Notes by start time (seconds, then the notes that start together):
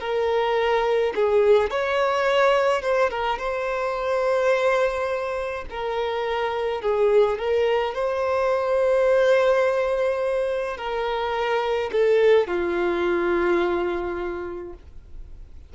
0.00 A#4
1.15 G#4
1.70 C#5
2.81 C5
3.10 A#4
3.38 C5
5.70 A#4
6.81 G#4
7.38 A#4
7.94 C5
10.77 A#4
11.92 A4
12.47 F4